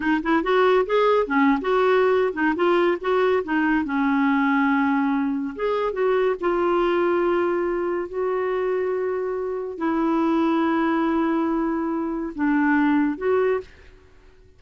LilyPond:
\new Staff \with { instrumentName = "clarinet" } { \time 4/4 \tempo 4 = 141 dis'8 e'8 fis'4 gis'4 cis'8. fis'16~ | fis'4. dis'8 f'4 fis'4 | dis'4 cis'2.~ | cis'4 gis'4 fis'4 f'4~ |
f'2. fis'4~ | fis'2. e'4~ | e'1~ | e'4 d'2 fis'4 | }